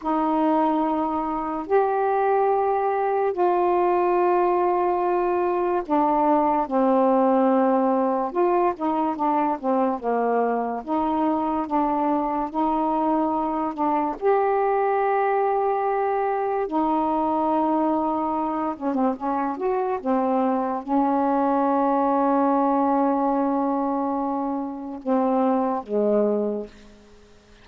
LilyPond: \new Staff \with { instrumentName = "saxophone" } { \time 4/4 \tempo 4 = 72 dis'2 g'2 | f'2. d'4 | c'2 f'8 dis'8 d'8 c'8 | ais4 dis'4 d'4 dis'4~ |
dis'8 d'8 g'2. | dis'2~ dis'8 cis'16 c'16 cis'8 fis'8 | c'4 cis'2.~ | cis'2 c'4 gis4 | }